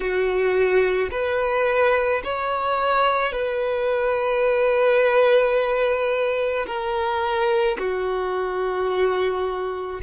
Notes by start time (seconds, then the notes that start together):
0.00 F#4
1.11 B4
2.24 C#5
3.32 B4
6.66 A#4
7.78 F#4